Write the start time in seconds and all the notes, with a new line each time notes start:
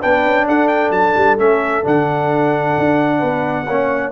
0.00 B3 D4 B4 G5
0.25 C#4
0.47 D4 A4 F#5
0.67 G5
0.90 F#3 A5
1.16 G3
1.37 A3 C#4 E5
1.83 D3 D4 F#5
2.78 D4
3.18 B3 B4
3.66 A#3 C#4 C#5